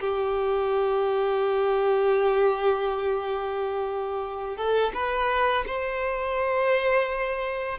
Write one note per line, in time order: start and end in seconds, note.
0.00 4.57 G4
4.57 4.93 A4
4.94 5.65 B4
5.67 7.79 C5